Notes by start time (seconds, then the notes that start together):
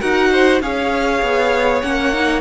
0.00 D#4 F#4 A#4 F#5
0.32 C5
0.62 C#4 G#4 C#5 F5
1.22 B3
1.82 A#3 C#4 F#5
2.14 D#4